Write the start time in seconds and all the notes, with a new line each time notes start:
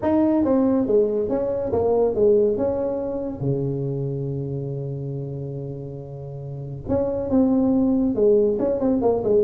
0.02 D#4
0.44 C4
0.86 G#3
1.29 C#4
1.72 A#3
2.14 G#3
2.57 C#4
3.40 C#3
6.88 C#4
7.30 C4
8.15 G#3
8.59 C#4
8.80 C4
9.01 A#3
9.24 G#3